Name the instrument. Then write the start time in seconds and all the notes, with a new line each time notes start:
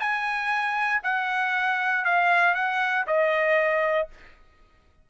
trumpet
0.00 G#5
1.04 F#5
2.05 F5
2.55 F#5
3.07 D#5